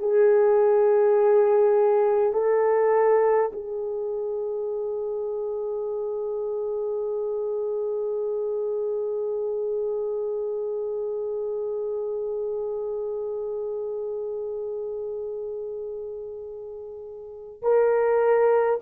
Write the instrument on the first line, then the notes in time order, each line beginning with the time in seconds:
horn
0.00 G#4
2.34 A4
3.53 G#4
17.63 A#4